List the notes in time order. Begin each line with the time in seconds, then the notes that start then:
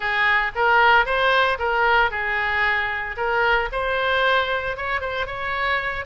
0.00 G#4
0.55 A#4
1.05 C5
1.58 A#4
2.11 G#4
3.16 A#4
3.72 C5
4.76 C#5
5.00 C5
5.26 C#5